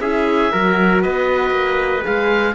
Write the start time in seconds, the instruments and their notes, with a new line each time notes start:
0.00 cello C#4, horn E4, trumpet G#4, oboe E5
0.52 cello F#3, horn F#4, trumpet A#4
1.02 cello B3, trumpet B4, oboe D#5
1.50 cello A#3
2.02 cello G#3, horn G#4, oboe F5